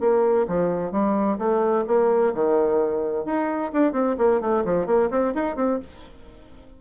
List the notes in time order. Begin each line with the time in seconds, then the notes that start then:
0.00 A#3
0.47 F3
0.92 G3
1.38 A3
1.87 A#3
2.34 D#3
3.25 D#4
3.73 D4
3.93 C4
4.18 A#3
4.41 A3
4.65 F3
4.86 A#3
5.10 C4
5.34 D#4
5.56 C4